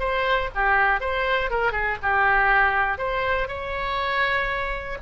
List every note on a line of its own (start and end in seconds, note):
0.00 0.50 C5
0.55 1.01 G4
1.01 1.51 C5
1.51 1.73 A#4
1.73 1.98 G#4
2.03 2.98 G4
2.98 3.48 C5
3.48 4.98 C#5